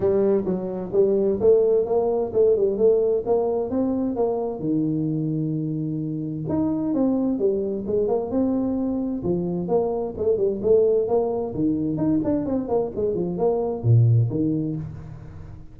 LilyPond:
\new Staff \with { instrumentName = "tuba" } { \time 4/4 \tempo 4 = 130 g4 fis4 g4 a4 | ais4 a8 g8 a4 ais4 | c'4 ais4 dis2~ | dis2 dis'4 c'4 |
g4 gis8 ais8 c'2 | f4 ais4 a8 g8 a4 | ais4 dis4 dis'8 d'8 c'8 ais8 | gis8 f8 ais4 ais,4 dis4 | }